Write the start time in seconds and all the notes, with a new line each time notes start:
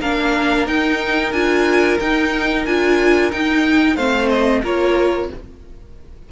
0.00 A#3 D4 A#4 F5
0.67 D#4 G5
1.32 D4 F4 G#5
2.00 D#4 G5
2.65 D4 F4 G#5
3.31 D#4 G5
3.95 A3 C4 C5 F5
4.29 D#5
4.63 A#3 F4 A#4 C#5